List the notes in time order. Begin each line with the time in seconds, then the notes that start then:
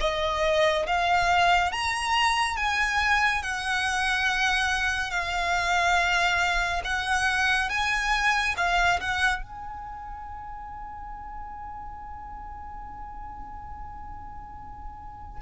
0.00 D#5
0.86 F5
1.72 A#5
2.56 G#5
3.42 F#5
5.10 F5
6.84 F#5
7.69 G#5
8.57 F5
9.00 F#5
9.42 G#5